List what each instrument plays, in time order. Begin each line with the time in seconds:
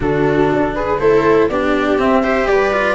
0.00 tuba D3, cello D4, viola F#4, flute A4
0.52 tuba D4
0.74 viola G#4, flute B4
0.99 tuba A3, cello E4, viola A4, flute C5
1.49 tuba B3, cello D4, viola G4, flute D5
1.98 cello C4, tuba C4, flute E5
2.23 cello G4, viola C5
2.47 tuba G3, viola B4, flute D5
2.72 cello F4